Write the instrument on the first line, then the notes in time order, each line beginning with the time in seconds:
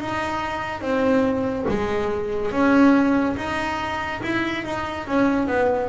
double bass
0.00 D#4
0.81 C4
1.68 G#3
2.51 C#4
3.36 D#4
4.23 E4
4.64 D#4
5.07 C#4
5.47 B3